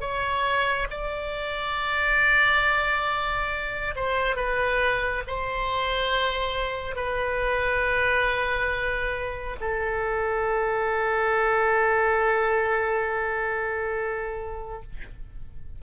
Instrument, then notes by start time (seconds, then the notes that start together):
oboe
0.00 C#5
0.90 D5
3.95 C5
4.36 B4
5.27 C5
6.95 B4
9.60 A4